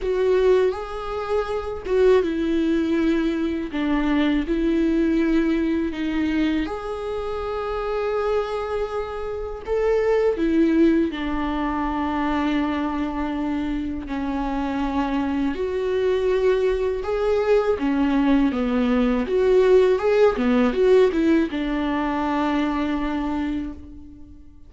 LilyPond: \new Staff \with { instrumentName = "viola" } { \time 4/4 \tempo 4 = 81 fis'4 gis'4. fis'8 e'4~ | e'4 d'4 e'2 | dis'4 gis'2.~ | gis'4 a'4 e'4 d'4~ |
d'2. cis'4~ | cis'4 fis'2 gis'4 | cis'4 b4 fis'4 gis'8 b8 | fis'8 e'8 d'2. | }